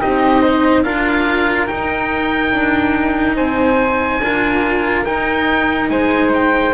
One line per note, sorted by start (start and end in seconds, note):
0.00 0.84 C4
0.00 0.84 D#4
0.00 0.41 G4
0.00 0.83 D#5
0.41 0.83 C5
0.83 1.69 D4
0.83 1.66 F4
0.83 3.36 A#4
0.83 1.67 F5
1.66 4.20 D#4
1.66 2.52 D#4
1.66 3.36 G5
2.52 3.35 D4
3.35 4.20 C4
3.35 4.20 C5
3.35 5.05 G#5
4.20 5.04 D4
4.20 5.04 F4
4.20 5.91 A#4
5.04 6.73 D#4
5.04 5.89 D#4
5.04 5.89 G5
5.89 6.74 G#3
5.89 6.74 C5
5.89 6.31 G#5
6.33 6.74 G5